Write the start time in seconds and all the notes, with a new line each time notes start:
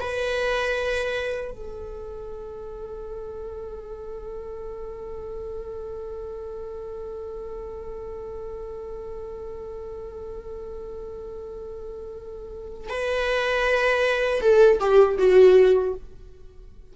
0.00 B4
1.51 A4
12.89 B4
14.41 A4
14.80 G4
15.18 F#4